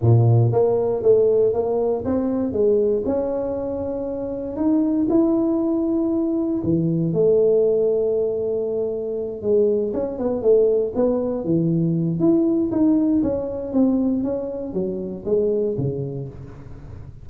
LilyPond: \new Staff \with { instrumentName = "tuba" } { \time 4/4 \tempo 4 = 118 ais,4 ais4 a4 ais4 | c'4 gis4 cis'2~ | cis'4 dis'4 e'2~ | e'4 e4 a2~ |
a2~ a8 gis4 cis'8 | b8 a4 b4 e4. | e'4 dis'4 cis'4 c'4 | cis'4 fis4 gis4 cis4 | }